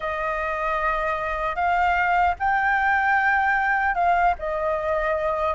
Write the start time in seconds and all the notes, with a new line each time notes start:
0.00 D#5
1.55 F5
2.39 G5
3.95 F5
4.39 D#5